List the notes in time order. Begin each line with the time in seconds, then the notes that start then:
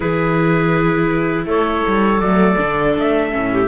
0.00 E3 E4 G#4 B4
1.45 A3 A4 C#5
1.87 G3
2.19 F#3 A3 D5
2.58 D3 D4
2.97 A3 E5
3.31 A2 C#4
3.52 G4